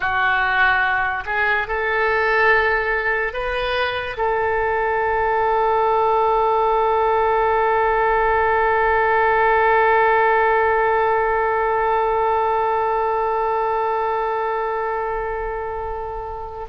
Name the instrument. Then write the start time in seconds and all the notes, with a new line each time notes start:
oboe
0.00 F#4
1.25 G#4
1.67 A4
3.33 B4
4.17 A4